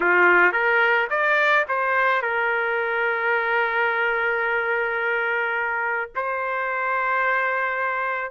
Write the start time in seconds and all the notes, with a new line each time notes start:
0.00 F4
0.52 A#4
1.10 D5
1.68 C5
2.22 A#4
6.15 C5